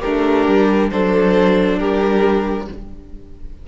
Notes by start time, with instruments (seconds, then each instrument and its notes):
0.00 cello A3, violin D4 A#4, viola G4
0.47 cello G3
0.91 cello F#3, viola D4, violin A4 C5
1.78 cello G3, violin G4 A#4